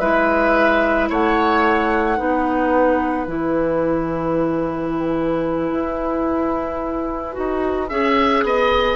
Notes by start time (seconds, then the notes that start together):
0.00 G#3 E4 B4 E5
1.10 A3 C#5 F#5
2.17 B3 D#4 B4
3.27 E3 E4 G#5
5.72 E4
7.32 D#4 F#4
7.90 C#4 G#4 E5
8.44 B3 D#5